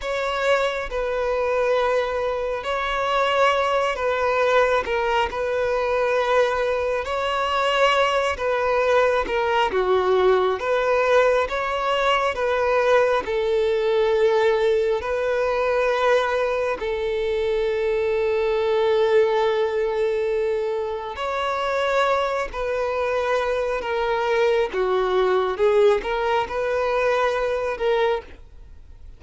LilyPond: \new Staff \with { instrumentName = "violin" } { \time 4/4 \tempo 4 = 68 cis''4 b'2 cis''4~ | cis''8 b'4 ais'8 b'2 | cis''4. b'4 ais'8 fis'4 | b'4 cis''4 b'4 a'4~ |
a'4 b'2 a'4~ | a'1 | cis''4. b'4. ais'4 | fis'4 gis'8 ais'8 b'4. ais'8 | }